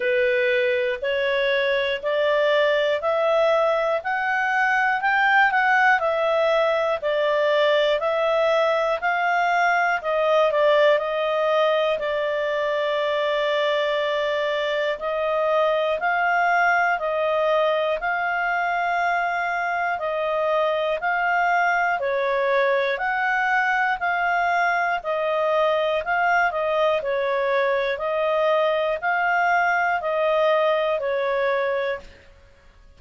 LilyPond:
\new Staff \with { instrumentName = "clarinet" } { \time 4/4 \tempo 4 = 60 b'4 cis''4 d''4 e''4 | fis''4 g''8 fis''8 e''4 d''4 | e''4 f''4 dis''8 d''8 dis''4 | d''2. dis''4 |
f''4 dis''4 f''2 | dis''4 f''4 cis''4 fis''4 | f''4 dis''4 f''8 dis''8 cis''4 | dis''4 f''4 dis''4 cis''4 | }